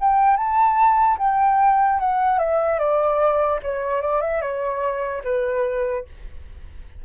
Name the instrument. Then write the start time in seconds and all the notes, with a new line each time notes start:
flute
0.00 G5
0.36 A5
1.18 G5
1.99 F#5
2.38 E5
2.79 D5
3.63 C#5
4.01 D5
4.21 E5
4.41 C#5
5.23 B4